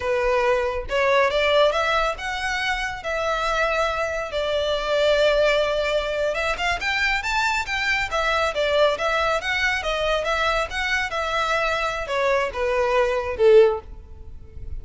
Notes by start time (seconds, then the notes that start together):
0.00 B4
0.89 C#5
1.30 D5
1.72 E5
2.18 F#5
3.03 E5
4.31 D5
6.34 E5
6.57 F5
6.80 G5
7.22 A5
7.66 G5
8.11 E5
8.54 D5
8.98 E5
9.41 F#5
9.82 D#5
10.24 E5
10.70 F#5
11.10 E5
12.07 C#5
12.53 B4
13.37 A4